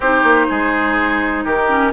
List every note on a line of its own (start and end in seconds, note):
0.00 0.23 C4
0.00 1.69 D#4
0.00 0.47 G4
0.00 1.44 C5
0.23 0.47 A#3
0.49 1.45 G#3
0.49 1.44 G#4
1.44 1.92 D#3
1.44 1.92 G4
1.44 1.92 A#4
1.69 1.92 C#4